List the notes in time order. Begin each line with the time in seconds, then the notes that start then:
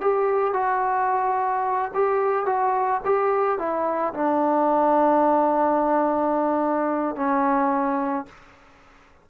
0.00 G4
0.53 F#4
1.94 G4
2.45 F#4
3.05 G4
3.58 E4
4.14 D4
7.15 C#4